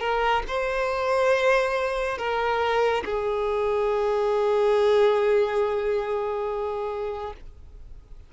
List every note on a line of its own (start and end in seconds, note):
0.00 0.43 A#4
0.48 2.18 C5
2.18 3.04 A#4
3.05 7.33 G#4